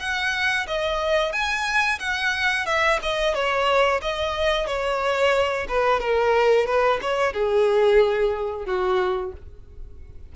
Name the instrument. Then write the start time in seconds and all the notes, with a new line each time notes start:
violin
0.00 F#5
0.67 D#5
1.32 G#5
1.99 F#5
2.66 E5
3.02 D#5
3.35 C#5
4.02 D#5
4.67 C#5
5.68 B4
6.00 A#4
6.66 B4
7.02 C#5
7.33 G#4
8.66 F#4